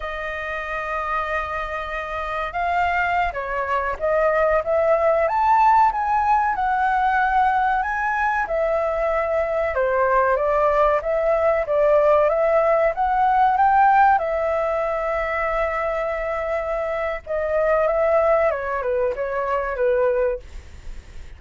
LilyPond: \new Staff \with { instrumentName = "flute" } { \time 4/4 \tempo 4 = 94 dis''1 | f''4~ f''16 cis''4 dis''4 e''8.~ | e''16 a''4 gis''4 fis''4.~ fis''16~ | fis''16 gis''4 e''2 c''8.~ |
c''16 d''4 e''4 d''4 e''8.~ | e''16 fis''4 g''4 e''4.~ e''16~ | e''2. dis''4 | e''4 cis''8 b'8 cis''4 b'4 | }